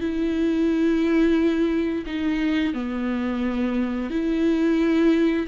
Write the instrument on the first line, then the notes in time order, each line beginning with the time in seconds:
viola
0.00 E4
2.06 D#4
2.74 B3
4.10 E4